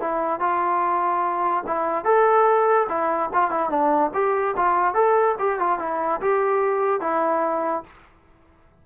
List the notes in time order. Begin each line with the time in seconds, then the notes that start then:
0.00 E4
0.40 F4
1.67 E4
2.04 A4
2.89 E4
3.33 F4
3.50 E4
3.70 D4
4.14 G4
4.56 F4
4.94 A4
5.39 G4
5.59 F4
5.79 E4
6.21 G4
7.00 E4